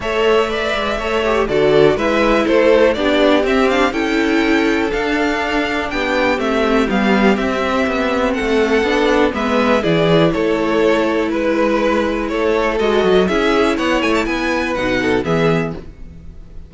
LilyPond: <<
  \new Staff \with { instrumentName = "violin" } { \time 4/4 \tempo 4 = 122 e''2. d''4 | e''4 c''4 d''4 e''8 f''8 | g''2 f''2 | g''4 e''4 f''4 e''4~ |
e''4 fis''2 e''4 | d''4 cis''2 b'4~ | b'4 cis''4 dis''4 e''4 | fis''8 gis''16 a''16 gis''4 fis''4 e''4 | }
  \new Staff \with { instrumentName = "violin" } { \time 4/4 cis''4 d''4 cis''4 a'4 | b'4 a'4 g'2 | a'1 | g'1~ |
g'4 a'2 b'4 | gis'4 a'2 b'4~ | b'4 a'2 gis'4 | cis''4 b'4. a'8 gis'4 | }
  \new Staff \with { instrumentName = "viola" } { \time 4/4 a'4 b'4 a'8 g'8 fis'4 | e'2 d'4 c'8 d'8 | e'2 d'2~ | d'4 c'4 b4 c'4~ |
c'2 d'4 b4 | e'1~ | e'2 fis'4 e'4~ | e'2 dis'4 b4 | }
  \new Staff \with { instrumentName = "cello" } { \time 4/4 a4. gis8 a4 d4 | gis4 a4 b4 c'4 | cis'2 d'2 | b4 a4 g4 c'4 |
b4 a4 b4 gis4 | e4 a2 gis4~ | gis4 a4 gis8 fis8 cis'4 | b8 a8 b4 b,4 e4 | }
>>